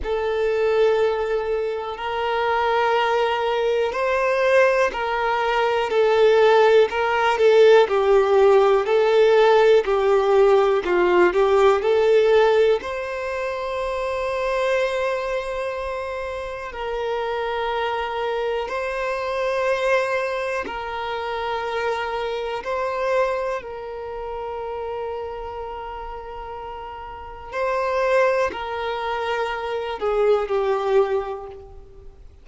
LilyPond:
\new Staff \with { instrumentName = "violin" } { \time 4/4 \tempo 4 = 61 a'2 ais'2 | c''4 ais'4 a'4 ais'8 a'8 | g'4 a'4 g'4 f'8 g'8 | a'4 c''2.~ |
c''4 ais'2 c''4~ | c''4 ais'2 c''4 | ais'1 | c''4 ais'4. gis'8 g'4 | }